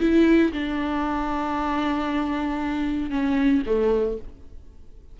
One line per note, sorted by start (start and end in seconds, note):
0.00 0.52 E4
0.52 3.10 D4
3.10 3.63 C#4
3.66 4.18 A3